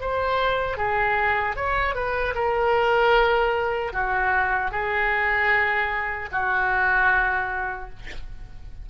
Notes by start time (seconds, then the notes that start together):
0.00 C5
0.77 G#4
1.56 C#5
1.94 B4
2.35 A#4
3.92 F#4
4.71 G#4
6.31 F#4